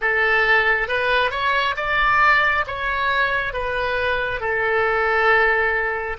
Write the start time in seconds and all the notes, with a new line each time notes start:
0.01 A4
0.87 B4
1.30 C#5
1.76 D5
2.67 C#5
3.53 B4
4.40 A4